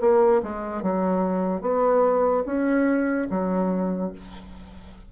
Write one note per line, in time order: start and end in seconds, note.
0.00 0.41 A#3
0.42 0.82 G#3
0.82 1.61 F#3
1.61 2.43 B3
2.45 3.28 C#4
3.30 4.12 F#3